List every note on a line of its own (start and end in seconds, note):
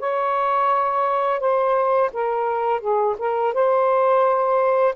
0.00 1.40 C#5
1.40 2.11 C5
2.14 2.81 A#4
2.81 3.16 G#4
3.19 3.54 A#4
3.54 4.95 C5